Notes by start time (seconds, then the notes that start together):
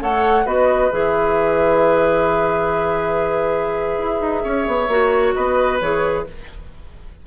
0.00 A3 A4 C#5 F#5
0.45 B3 F#4 B4 D#5
0.91 E3 G#4 E5
3.99 E4
4.21 D#4
4.44 C#4 C#5
4.68 B3
4.88 A#3 F#4
5.35 B3 B4 D#5
5.81 E3 G#4 C#5